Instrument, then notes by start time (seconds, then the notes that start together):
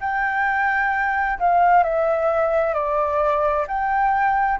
flute
0.00 G5
1.39 F5
1.83 E5
2.74 D5
3.67 G5